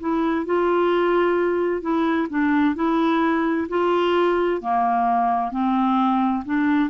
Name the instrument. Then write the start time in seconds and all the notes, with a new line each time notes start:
clarinet
0.00 E4
0.46 F4
1.82 E4
2.30 D4
2.75 E4
3.69 F4
4.62 A#3
5.51 C4
6.45 D4